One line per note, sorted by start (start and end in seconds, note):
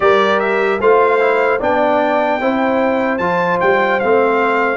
0.00 0.80 G3
0.00 0.79 G4
0.00 0.81 A#4
0.00 0.39 D5
0.39 0.79 E5
0.80 1.60 A3
0.80 1.19 F4
0.80 1.59 C5
0.80 1.61 F5
1.19 1.59 E4
1.59 2.40 B3
1.59 2.41 D4
1.59 2.39 D5
1.59 3.18 G5
2.40 3.18 C4
2.40 3.20 E4
2.40 4.76 C5
3.18 3.58 F3
3.18 4.00 F4
3.18 3.58 A5
3.60 4.02 G3
3.60 3.99 G5
3.99 4.76 A3
3.99 4.76 C4
3.99 4.76 F5